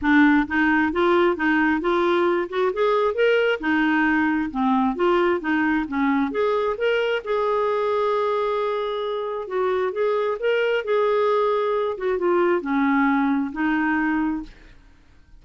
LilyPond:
\new Staff \with { instrumentName = "clarinet" } { \time 4/4 \tempo 4 = 133 d'4 dis'4 f'4 dis'4 | f'4. fis'8 gis'4 ais'4 | dis'2 c'4 f'4 | dis'4 cis'4 gis'4 ais'4 |
gis'1~ | gis'4 fis'4 gis'4 ais'4 | gis'2~ gis'8 fis'8 f'4 | cis'2 dis'2 | }